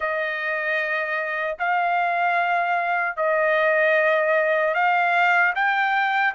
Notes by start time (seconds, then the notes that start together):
0.00 D#5
1.59 F5
3.16 D#5
4.74 F5
5.55 G5